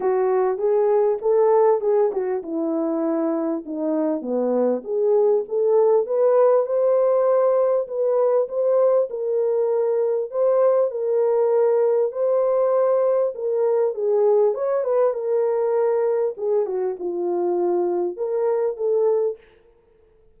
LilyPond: \new Staff \with { instrumentName = "horn" } { \time 4/4 \tempo 4 = 99 fis'4 gis'4 a'4 gis'8 fis'8 | e'2 dis'4 b4 | gis'4 a'4 b'4 c''4~ | c''4 b'4 c''4 ais'4~ |
ais'4 c''4 ais'2 | c''2 ais'4 gis'4 | cis''8 b'8 ais'2 gis'8 fis'8 | f'2 ais'4 a'4 | }